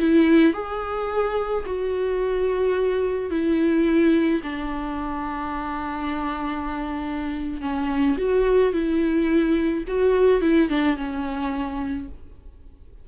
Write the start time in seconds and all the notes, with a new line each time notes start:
0.00 E4
0.54 G#4
1.66 F#4
3.31 E4
4.43 D4
7.62 C#4
8.18 F#4
8.73 E4
9.88 F#4
10.42 E4
10.69 D4
10.97 C#4